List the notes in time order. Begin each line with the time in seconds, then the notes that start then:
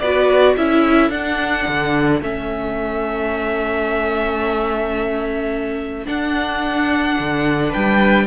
0.00 B3 F#4 B4 D5
0.55 C#4 E4 A4 E5
1.10 D4 F#5
1.68 D3
2.22 A3 C#4 E5
6.06 D4 F#5
7.19 D3
7.70 B4 G5
7.76 G3